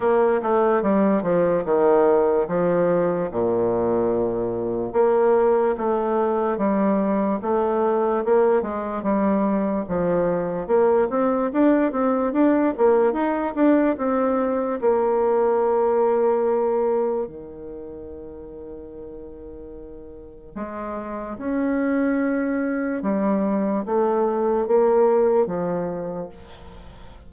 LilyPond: \new Staff \with { instrumentName = "bassoon" } { \time 4/4 \tempo 4 = 73 ais8 a8 g8 f8 dis4 f4 | ais,2 ais4 a4 | g4 a4 ais8 gis8 g4 | f4 ais8 c'8 d'8 c'8 d'8 ais8 |
dis'8 d'8 c'4 ais2~ | ais4 dis2.~ | dis4 gis4 cis'2 | g4 a4 ais4 f4 | }